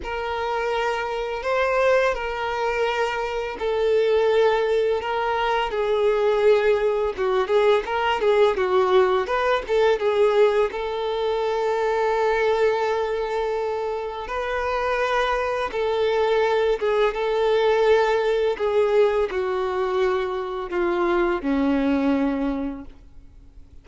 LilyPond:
\new Staff \with { instrumentName = "violin" } { \time 4/4 \tempo 4 = 84 ais'2 c''4 ais'4~ | ais'4 a'2 ais'4 | gis'2 fis'8 gis'8 ais'8 gis'8 | fis'4 b'8 a'8 gis'4 a'4~ |
a'1 | b'2 a'4. gis'8 | a'2 gis'4 fis'4~ | fis'4 f'4 cis'2 | }